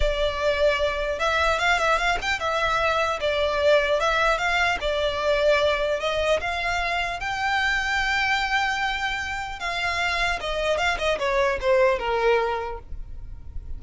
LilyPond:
\new Staff \with { instrumentName = "violin" } { \time 4/4 \tempo 4 = 150 d''2. e''4 | f''8 e''8 f''8 g''8 e''2 | d''2 e''4 f''4 | d''2. dis''4 |
f''2 g''2~ | g''1 | f''2 dis''4 f''8 dis''8 | cis''4 c''4 ais'2 | }